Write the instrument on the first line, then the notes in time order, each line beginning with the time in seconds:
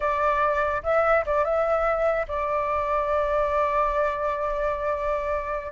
flute
0.00 D5
0.83 E5
1.26 D5
1.44 E5
2.28 D5